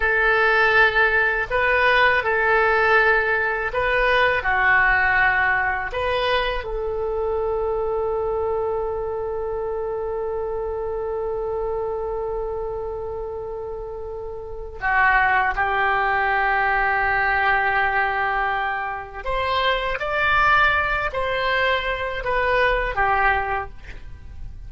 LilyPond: \new Staff \with { instrumentName = "oboe" } { \time 4/4 \tempo 4 = 81 a'2 b'4 a'4~ | a'4 b'4 fis'2 | b'4 a'2.~ | a'1~ |
a'1 | fis'4 g'2.~ | g'2 c''4 d''4~ | d''8 c''4. b'4 g'4 | }